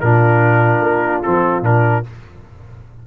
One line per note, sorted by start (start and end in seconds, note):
0.00 0.81 A#2
0.00 1.24 D4
0.00 2.07 F4
0.00 1.22 A#4
0.81 1.22 A#3
1.22 1.62 F3
1.22 1.63 C4
1.22 1.63 A4
1.62 2.02 A#2
1.62 2.04 D4
1.62 2.06 A#4